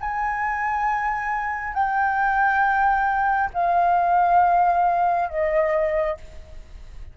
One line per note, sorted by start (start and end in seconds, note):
0.00 1.73 G#5
1.73 3.50 G5
3.53 5.29 F5
5.29 6.17 D#5